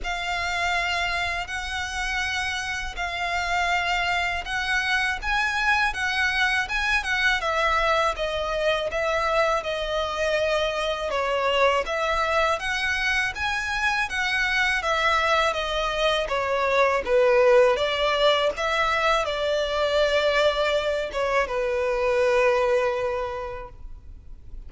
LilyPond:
\new Staff \with { instrumentName = "violin" } { \time 4/4 \tempo 4 = 81 f''2 fis''2 | f''2 fis''4 gis''4 | fis''4 gis''8 fis''8 e''4 dis''4 | e''4 dis''2 cis''4 |
e''4 fis''4 gis''4 fis''4 | e''4 dis''4 cis''4 b'4 | d''4 e''4 d''2~ | d''8 cis''8 b'2. | }